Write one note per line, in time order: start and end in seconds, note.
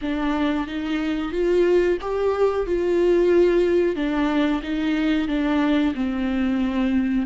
0.01 0.67 D4
0.67 1.32 D#4
1.32 1.98 F4
2.01 2.66 G4
2.66 3.95 F4
3.95 4.61 D4
4.62 5.27 D#4
5.27 5.93 D4
5.94 7.26 C4